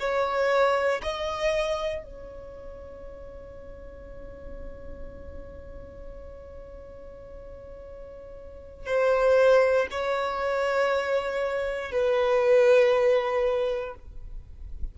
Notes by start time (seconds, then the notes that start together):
0.00 C#5
1.03 D#5
2.04 C#5
8.86 C5
9.91 C#5
11.92 B4